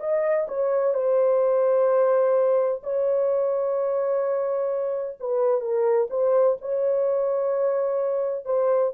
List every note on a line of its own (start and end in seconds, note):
0.00 0.47 D#5
0.48 0.94 C#5
0.94 2.81 C5
2.83 5.17 C#5
5.20 5.60 B4
5.60 6.07 A#4
6.09 6.56 C5
6.61 8.45 C#5
8.45 8.92 C5